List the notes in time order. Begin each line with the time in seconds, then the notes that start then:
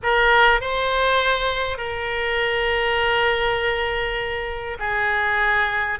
0.02 A#4
0.61 C5
1.77 A#4
4.79 G#4